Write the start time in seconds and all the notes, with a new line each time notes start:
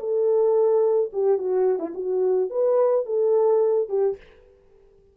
0.00 A4
1.13 G4
1.39 F#4
1.80 E4
1.95 F#4
2.50 B4
3.06 A4
3.89 G4